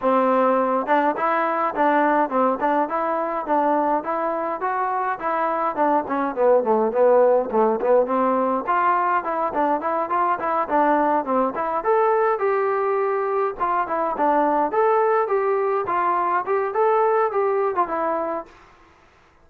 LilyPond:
\new Staff \with { instrumentName = "trombone" } { \time 4/4 \tempo 4 = 104 c'4. d'8 e'4 d'4 | c'8 d'8 e'4 d'4 e'4 | fis'4 e'4 d'8 cis'8 b8 a8 | b4 a8 b8 c'4 f'4 |
e'8 d'8 e'8 f'8 e'8 d'4 c'8 | e'8 a'4 g'2 f'8 | e'8 d'4 a'4 g'4 f'8~ | f'8 g'8 a'4 g'8. f'16 e'4 | }